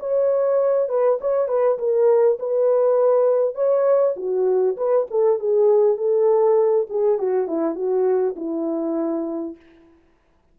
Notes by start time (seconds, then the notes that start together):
0.00 C#5
0.89 B4
1.21 C#5
1.48 B4
1.79 A#4
2.39 B4
3.55 C#5
4.17 F#4
4.77 B4
5.11 A4
5.40 G#4
5.97 A4
6.90 G#4
7.19 F#4
7.48 E4
7.75 F#4
8.36 E4